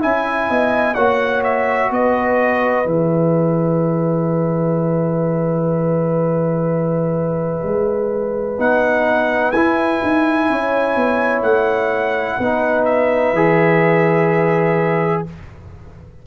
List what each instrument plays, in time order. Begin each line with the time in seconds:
0.00 tuba C#4, trombone E4, horn E5, trumpet G#5
0.49 tuba B3, horn D#5
0.94 tuba A#3, trombone F#4, horn C#5, trumpet F#5
1.43 trumpet E5
1.91 tuba B3, horn B4, trumpet D#5
2.85 tuba E3, trombone G#4, trumpet E5
7.63 tuba G#3
8.59 tuba B3, trombone D#4, trumpet F#5
9.52 tuba E4, trombone E4, trumpet G#5
10.03 tuba D#4
10.49 tuba C#4, horn C#5
10.96 tuba B3
11.42 tuba A3, trumpet F#5
12.38 tuba B3, trombone D#4, horn B4
12.85 trumpet E5
13.33 tuba E3, trombone G#4